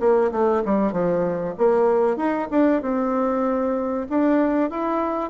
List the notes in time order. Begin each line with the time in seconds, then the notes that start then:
0.00 A#3
0.32 A3
0.65 G3
0.92 F3
1.58 A#3
2.17 D#4
2.51 D4
2.82 C4
4.10 D4
4.70 E4